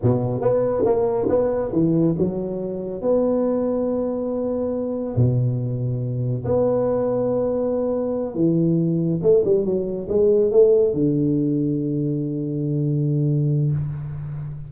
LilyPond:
\new Staff \with { instrumentName = "tuba" } { \time 4/4 \tempo 4 = 140 b,4 b4 ais4 b4 | e4 fis2 b4~ | b1 | b,2. b4~ |
b2.~ b8 e8~ | e4. a8 g8 fis4 gis8~ | gis8 a4 d2~ d8~ | d1 | }